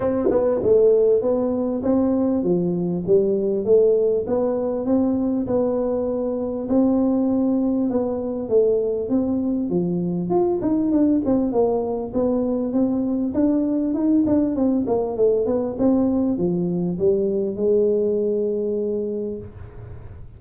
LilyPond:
\new Staff \with { instrumentName = "tuba" } { \time 4/4 \tempo 4 = 99 c'8 b8 a4 b4 c'4 | f4 g4 a4 b4 | c'4 b2 c'4~ | c'4 b4 a4 c'4 |
f4 f'8 dis'8 d'8 c'8 ais4 | b4 c'4 d'4 dis'8 d'8 | c'8 ais8 a8 b8 c'4 f4 | g4 gis2. | }